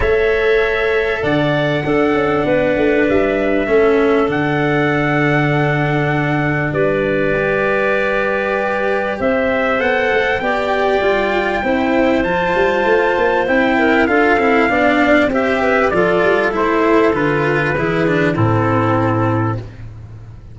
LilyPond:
<<
  \new Staff \with { instrumentName = "trumpet" } { \time 4/4 \tempo 4 = 98 e''2 fis''2~ | fis''4 e''2 fis''4~ | fis''2. d''4~ | d''2. e''4 |
fis''4 g''2. | a''2 g''4 f''4~ | f''4 e''4 d''4 c''4 | b'2 a'2 | }
  \new Staff \with { instrumentName = "clarinet" } { \time 4/4 cis''2 d''4 a'4 | b'2 a'2~ | a'2. b'4~ | b'2. c''4~ |
c''4 d''2 c''4~ | c''2~ c''8 ais'8 a'4 | d''4 c''8 b'8 a'2~ | a'4 gis'4 e'2 | }
  \new Staff \with { instrumentName = "cello" } { \time 4/4 a'2. d'4~ | d'2 cis'4 d'4~ | d'1 | g'1 |
a'4 g'4 f'4 e'4 | f'2 e'4 f'8 e'8 | d'4 g'4 f'4 e'4 | f'4 e'8 d'8 c'2 | }
  \new Staff \with { instrumentName = "tuba" } { \time 4/4 a2 d4 d'8 cis'8 | b8 a8 g4 a4 d4~ | d2. g4~ | g2. c'4 |
b8 a8 b4 g4 c'4 | f8 g8 a8 ais8 c'4 d'8 c'8 | b4 c'4 f8 g8 a4 | d4 e4 a,2 | }
>>